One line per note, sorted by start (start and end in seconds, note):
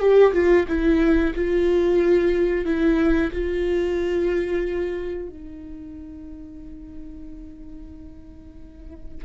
0.00 0.33 G4
0.34 0.67 F4
0.68 1.34 E4
1.35 2.66 F4
2.66 3.31 E4
3.32 5.30 F4
5.30 9.25 D#4